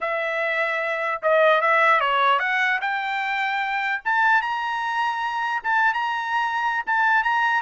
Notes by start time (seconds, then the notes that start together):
0.00 E5
1.22 D#5
1.61 E5
2.00 C#5
2.39 F#5
2.81 G5
4.04 A5
4.41 A#5
5.63 A5
5.93 A#5
6.86 A5
7.23 A#5